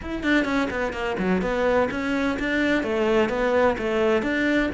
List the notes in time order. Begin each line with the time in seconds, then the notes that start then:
0.02 E4
0.23 D4
0.44 C#4
0.70 B3
0.93 A#3
1.18 F#3
1.41 B3
1.90 C#4
2.39 D4
2.83 A3
3.29 B3
3.78 A3
4.22 D4